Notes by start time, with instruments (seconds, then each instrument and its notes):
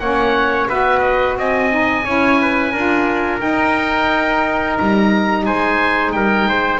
0.00 double bass A#3, saxophone C#4, trumpet C#5, oboe F#5
0.69 double bass B3, saxophone F#4, trumpet B4, oboe E5
1.00 oboe D#5
1.37 double bass C4, trumpet D#5, oboe G#5
1.70 saxophone D#4
2.05 double bass C#4, saxophone E4, trumpet C#5
2.41 trumpet B4
2.72 double bass D4, saxophone F4, trumpet A#4
3.39 saxophone D#4, double bass D#4, oboe G5
4.79 double bass G3, oboe A#5
5.46 double bass G#3, trumpet C5, oboe G#5
6.12 double bass G3, trumpet A#4, oboe G5
6.45 double bass G#3, trumpet C5